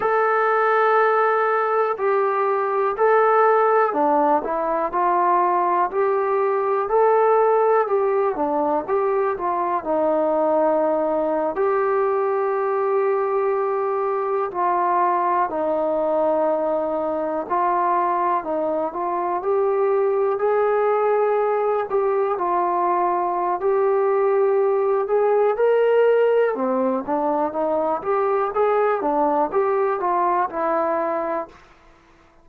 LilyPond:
\new Staff \with { instrumentName = "trombone" } { \time 4/4 \tempo 4 = 61 a'2 g'4 a'4 | d'8 e'8 f'4 g'4 a'4 | g'8 d'8 g'8 f'8 dis'4.~ dis'16 g'16~ | g'2~ g'8. f'4 dis'16~ |
dis'4.~ dis'16 f'4 dis'8 f'8 g'16~ | g'8. gis'4. g'8 f'4~ f'16 | g'4. gis'8 ais'4 c'8 d'8 | dis'8 g'8 gis'8 d'8 g'8 f'8 e'4 | }